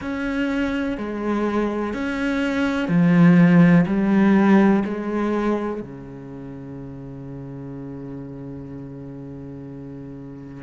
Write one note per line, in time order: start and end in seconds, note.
0.00 0.97 C#4
0.97 1.93 G#3
1.93 2.88 C#4
2.88 3.85 F3
3.86 4.83 G3
4.84 5.81 G#3
5.81 10.63 C#3